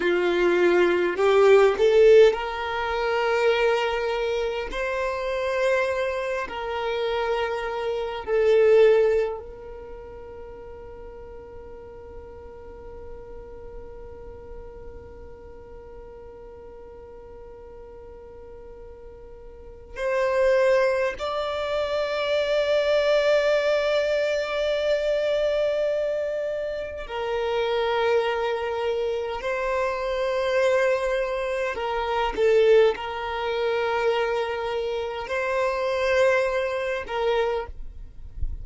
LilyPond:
\new Staff \with { instrumentName = "violin" } { \time 4/4 \tempo 4 = 51 f'4 g'8 a'8 ais'2 | c''4. ais'4. a'4 | ais'1~ | ais'1~ |
ais'4 c''4 d''2~ | d''2. ais'4~ | ais'4 c''2 ais'8 a'8 | ais'2 c''4. ais'8 | }